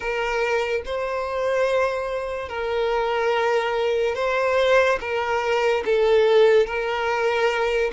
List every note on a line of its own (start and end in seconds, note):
0.00 0.82 A#4
0.85 2.48 C5
2.48 4.15 A#4
4.15 4.98 C5
5.00 5.83 A#4
5.85 6.66 A4
6.66 7.91 A#4